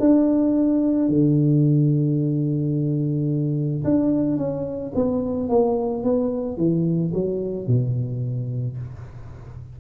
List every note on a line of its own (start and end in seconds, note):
0.00 1.09 D4
1.09 3.84 D3
3.85 4.38 D4
4.38 4.93 C#4
4.95 5.49 B3
5.49 6.04 A#3
6.04 6.58 B3
6.58 7.13 E3
7.14 7.68 F#3
7.68 8.78 B2